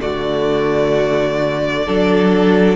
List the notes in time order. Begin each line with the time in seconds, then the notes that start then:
0.00 D3 A3 F#4 D5
1.86 F#3 D4 A4